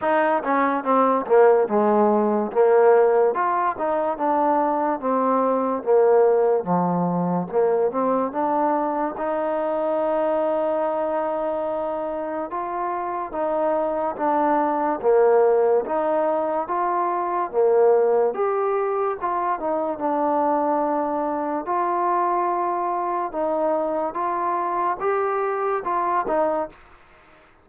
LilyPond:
\new Staff \with { instrumentName = "trombone" } { \time 4/4 \tempo 4 = 72 dis'8 cis'8 c'8 ais8 gis4 ais4 | f'8 dis'8 d'4 c'4 ais4 | f4 ais8 c'8 d'4 dis'4~ | dis'2. f'4 |
dis'4 d'4 ais4 dis'4 | f'4 ais4 g'4 f'8 dis'8 | d'2 f'2 | dis'4 f'4 g'4 f'8 dis'8 | }